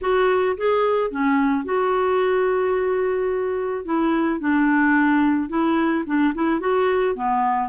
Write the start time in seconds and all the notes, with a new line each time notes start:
0.01 F#4
0.57 G#4
1.10 C#4
1.65 F#4
3.85 E4
4.39 D4
5.49 E4
6.06 D4
6.34 E4
6.60 F#4
7.15 B3